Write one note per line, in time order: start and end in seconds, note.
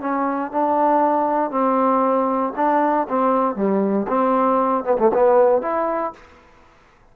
0.00 0.51 C#4
0.51 1.50 D4
1.50 2.53 C4
2.56 3.07 D4
3.09 3.55 C4
3.55 4.07 G3
4.08 4.84 C4
4.84 4.97 B3
4.99 5.11 A3
5.13 5.62 B3
5.62 6.13 E4